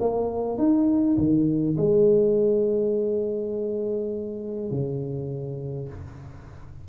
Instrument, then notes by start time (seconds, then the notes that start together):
tuba
0.00 A#3
0.58 D#4
1.18 D#3
1.77 G#3
4.71 C#3